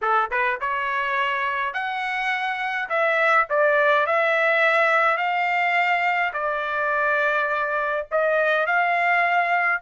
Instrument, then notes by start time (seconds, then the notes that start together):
trumpet
0.01 A4
0.30 B4
0.60 C#5
1.73 F#5
2.89 E5
3.49 D5
4.06 E5
5.17 F5
6.33 D5
8.11 D#5
8.66 F5